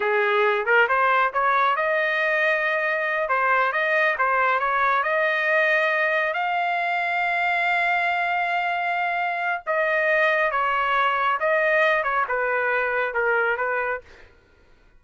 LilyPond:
\new Staff \with { instrumentName = "trumpet" } { \time 4/4 \tempo 4 = 137 gis'4. ais'8 c''4 cis''4 | dis''2.~ dis''8 c''8~ | c''8 dis''4 c''4 cis''4 dis''8~ | dis''2~ dis''8 f''4.~ |
f''1~ | f''2 dis''2 | cis''2 dis''4. cis''8 | b'2 ais'4 b'4 | }